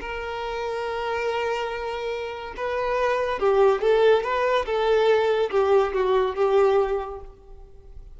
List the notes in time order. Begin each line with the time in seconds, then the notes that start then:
0.00 A#4
2.56 B4
3.39 G4
3.81 A4
4.23 B4
4.65 A4
5.50 G4
5.93 F#4
6.35 G4